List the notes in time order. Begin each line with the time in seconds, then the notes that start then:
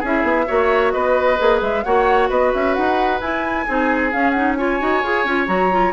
0.00 C#4 E4 G#4 E5
0.24 B3
0.47 A#3 F#4 C#5
0.92 B3 B4 D#5
1.38 A#3 G#4
1.62 G#3 E5
1.84 A#3 F#4 C#5 F#5
2.30 B3 B4 D#5
2.54 C#4 E5
2.75 D#4 F#5
3.21 E4 G#5
3.67 C4 D#4 G#4
4.12 C#4 F5
4.31 D#4 F#5
4.56 F4 C#5 G#5
4.80 D#4 F#4
5.04 F4 G#4
5.25 C#4 F4
5.47 F#3 F#4 A#5
5.71 F4